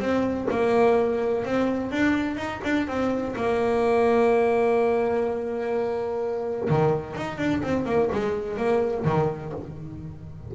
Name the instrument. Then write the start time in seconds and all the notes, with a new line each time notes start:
double bass
0.00 C4
0.50 A#3
1.45 C4
1.91 D4
2.37 D#4
2.64 D4
2.88 C4
3.36 A#3
6.70 D#3
7.16 D#4
7.38 D4
7.63 C4
7.85 A#3
8.13 G#3
8.57 A#3
9.05 D#3